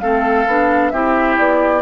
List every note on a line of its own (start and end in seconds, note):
0.00 0.46 A3
0.00 0.47 C4
0.00 0.92 A4
0.00 0.90 F5
0.46 0.92 B3
0.46 0.93 D4
0.90 1.37 C4
0.90 1.81 E4
0.90 1.81 G4
0.90 1.35 E5
1.38 1.81 B3
1.38 1.81 D5